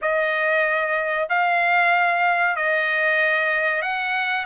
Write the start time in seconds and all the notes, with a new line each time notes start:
0.01 D#5
1.29 F5
2.56 D#5
3.82 F#5